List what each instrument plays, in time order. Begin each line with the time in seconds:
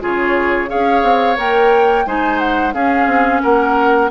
0.00 bassoon C#3, clarinet F4, oboe G#4, flute C#5
0.68 bassoon C#4, clarinet G#4, oboe C#5, flute F5
1.03 bassoon C4
1.37 bassoon A#3, clarinet A#4, flute G5
2.06 bassoon G#3, clarinet D#4, oboe C5, flute G#5
2.39 flute F#5
2.73 bassoon C#4, clarinet C#4, oboe G#4, flute F5
3.07 bassoon C4
3.42 bassoon A#3, oboe A#4, flute F#5